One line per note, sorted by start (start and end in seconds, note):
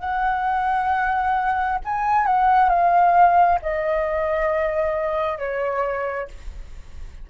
0.00 1.79 F#5
1.85 2.26 G#5
2.26 2.70 F#5
2.70 3.59 F5
3.62 5.39 D#5
5.39 6.28 C#5